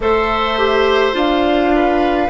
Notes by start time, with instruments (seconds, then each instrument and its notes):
0.00 bassoon A3, clarinet A4, oboe C5, flute E5
0.58 clarinet G4
1.12 bassoon D4, clarinet F4, flute F5
1.75 oboe B4